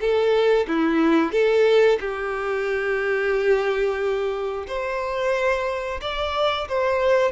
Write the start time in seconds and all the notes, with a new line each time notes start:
0.00 A4
0.67 E4
1.32 A4
2.00 G4
4.67 C5
6.01 D5
6.68 C5